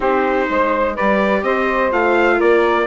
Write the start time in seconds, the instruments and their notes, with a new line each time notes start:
0.00 bassoon C4, viola D#4, saxophone G4, trumpet C5
0.49 bassoon G#3, saxophone C5
0.95 bassoon G3, viola G4, saxophone B4, trumpet D5
1.42 bassoon C4, saxophone C5, trumpet D#5
1.91 bassoon A3, viola F4, trumpet F5
2.37 bassoon A#3, saxophone A#4, trumpet D5